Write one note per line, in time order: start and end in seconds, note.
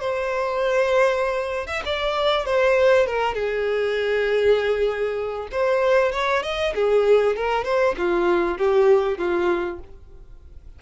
0.00 1.67 C5
1.67 1.82 E5
1.85 2.46 D5
2.46 3.06 C5
3.06 3.34 A#4
3.34 5.49 G#4
5.52 6.12 C5
6.12 6.43 C#5
6.43 6.73 D#5
6.75 7.36 G#4
7.36 7.64 A#4
7.64 7.95 C5
7.98 8.58 F4
8.58 9.18 G4
9.18 9.79 F4